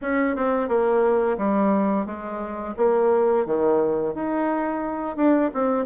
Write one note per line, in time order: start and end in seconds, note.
0.01 0.36 C#4
0.36 0.68 C4
0.68 1.37 A#3
1.37 2.05 G3
2.05 2.74 G#3
2.76 3.45 A#3
3.45 4.14 D#3
4.14 5.16 D#4
5.16 5.50 D4
5.53 5.85 C4